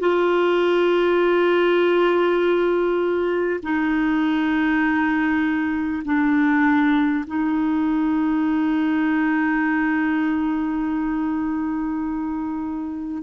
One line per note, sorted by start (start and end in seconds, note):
0.00 3.60 F4
3.63 6.03 D#4
6.04 7.24 D4
7.27 13.23 D#4